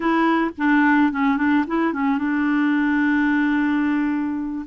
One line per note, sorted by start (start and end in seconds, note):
0.00 0.51 E4
0.57 1.12 D4
1.12 1.37 C#4
1.37 1.64 D4
1.67 1.93 E4
1.93 2.17 C#4
2.17 4.65 D4